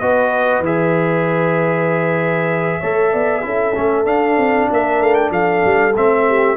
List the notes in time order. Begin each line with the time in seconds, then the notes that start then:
0.00 B3 F#4 B4 D#5
0.60 E3 G#4
0.66 E5
2.80 A3 A4 C#5
3.13 B3 D5
3.42 C#4 E4 A4
3.75 A3 C#4
4.05 D4 F5
4.38 C4
4.71 A#3 A#4 E5
5.01 A3 F5
5.15 G5
5.30 F3 A4 F5
5.65 G3
5.96 A3 C4 E5
6.28 G4